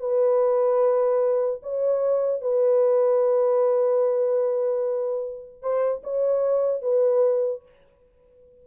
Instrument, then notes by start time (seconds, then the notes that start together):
horn
0.00 B4
1.63 C#5
2.42 B4
5.62 C5
6.04 C#5
6.82 B4